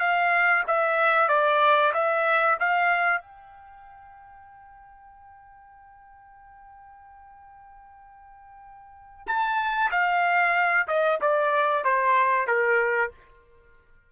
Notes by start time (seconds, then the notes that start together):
0.00 F5
0.68 E5
1.29 D5
1.94 E5
2.60 F5
3.22 G5
9.27 A5
9.92 F5
10.88 D#5
11.22 D5
11.85 C5
12.48 A#4